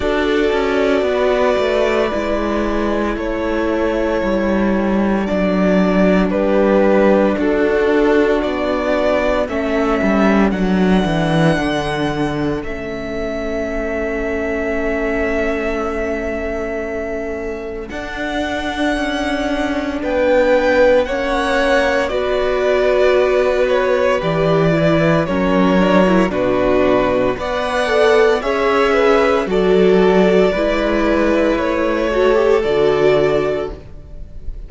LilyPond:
<<
  \new Staff \with { instrumentName = "violin" } { \time 4/4 \tempo 4 = 57 d''2. cis''4~ | cis''4 d''4 b'4 a'4 | d''4 e''4 fis''2 | e''1~ |
e''4 fis''2 g''4 | fis''4 d''4. cis''8 d''4 | cis''4 b'4 fis''4 e''4 | d''2 cis''4 d''4 | }
  \new Staff \with { instrumentName = "violin" } { \time 4/4 a'4 b'2 a'4~ | a'2 g'4 fis'4~ | fis'4 a'2.~ | a'1~ |
a'2. b'4 | cis''4 b'2. | ais'4 fis'4 d''4 cis''8 b'8 | a'4 b'4. a'4. | }
  \new Staff \with { instrumentName = "viola" } { \time 4/4 fis'2 e'2~ | e'4 d'2.~ | d'4 cis'4 d'2 | cis'1~ |
cis'4 d'2. | cis'4 fis'2 g'8 e'8 | cis'8 d'16 e'16 d'4 b'8 a'8 gis'4 | fis'4 e'4. fis'16 g'16 fis'4 | }
  \new Staff \with { instrumentName = "cello" } { \time 4/4 d'8 cis'8 b8 a8 gis4 a4 | g4 fis4 g4 d'4 | b4 a8 g8 fis8 e8 d4 | a1~ |
a4 d'4 cis'4 b4 | ais4 b2 e4 | fis4 b,4 b4 cis'4 | fis4 gis4 a4 d4 | }
>>